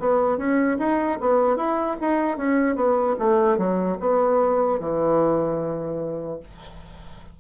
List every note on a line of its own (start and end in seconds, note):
0.00 0.38 B3
0.38 0.78 C#4
0.79 1.19 D#4
1.21 1.57 B3
1.57 1.97 E4
2.01 2.37 D#4
2.37 2.76 C#4
2.76 3.16 B3
3.19 3.58 A3
3.58 3.98 F#3
4.01 4.80 B3
4.80 6.40 E3